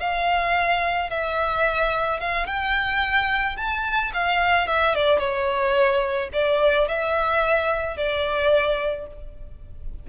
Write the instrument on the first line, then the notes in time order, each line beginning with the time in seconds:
violin
0.00 F5
1.10 E5
2.20 F5
2.47 G5
3.57 A5
4.14 F5
4.67 E5
4.95 D5
5.19 C#5
6.33 D5
6.88 E5
7.97 D5